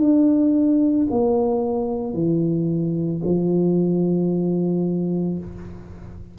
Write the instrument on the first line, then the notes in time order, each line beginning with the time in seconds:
tuba
0.00 D4
1.10 A#3
2.13 E3
3.24 F3